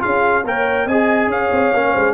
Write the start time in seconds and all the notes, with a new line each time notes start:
0.00 C#4 F4 G#4 F5
0.45 A#3 A#4 C#5 G5
0.87 C4 G#4 D#5 G#5
1.28 C#4 C#5 F5
1.52 C4
1.74 A#3 C#4
1.92 G#3 C5